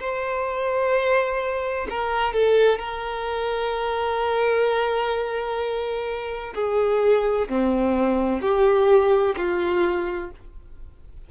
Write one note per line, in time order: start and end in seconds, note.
0.00 1.87 C5
1.90 2.34 A#4
2.34 2.79 A4
2.79 6.54 A#4
6.55 7.48 G#4
7.49 8.42 C4
8.42 9.35 G4
9.37 10.31 F4